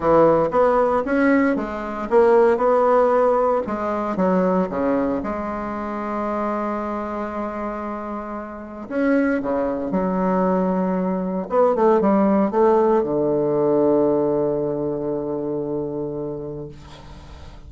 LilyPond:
\new Staff \with { instrumentName = "bassoon" } { \time 4/4 \tempo 4 = 115 e4 b4 cis'4 gis4 | ais4 b2 gis4 | fis4 cis4 gis2~ | gis1~ |
gis4 cis'4 cis4 fis4~ | fis2 b8 a8 g4 | a4 d2.~ | d1 | }